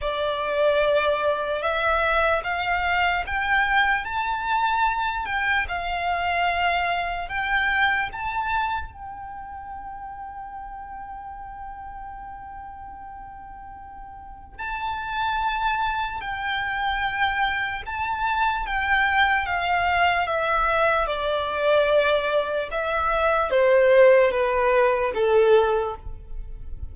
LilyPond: \new Staff \with { instrumentName = "violin" } { \time 4/4 \tempo 4 = 74 d''2 e''4 f''4 | g''4 a''4. g''8 f''4~ | f''4 g''4 a''4 g''4~ | g''1~ |
g''2 a''2 | g''2 a''4 g''4 | f''4 e''4 d''2 | e''4 c''4 b'4 a'4 | }